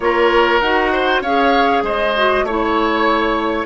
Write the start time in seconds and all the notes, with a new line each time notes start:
0.00 A#3 F4 A#4 C#5
0.59 D#4 F#4 F#5
0.92 C5
1.21 C#4 G#4 C#5 F5
1.82 G#3 C5 D#5
2.16 F#4
2.43 A3 E4 C#5